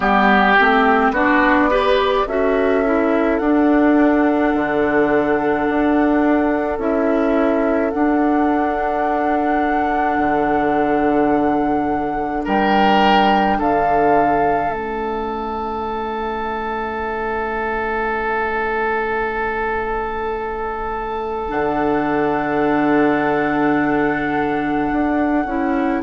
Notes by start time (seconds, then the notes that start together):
0.00 G3 B3 G4
0.59 A3 C4
1.10 B3 D4 F#4 D5
1.70 G4 B4
2.26 C#4 F#4 A4 E5
2.84 E4
3.38 D4 F#5
4.54 D3
5.69 D4
6.78 C#4 E4 E5
7.90 D4 F#5
10.18 D3
12.44 G3 A#4 G5
13.58 D3 A4 F5
14.68 A3 C#4 E5
21.48 D3 D4 F#5
24.92 D4
25.45 C#4 E4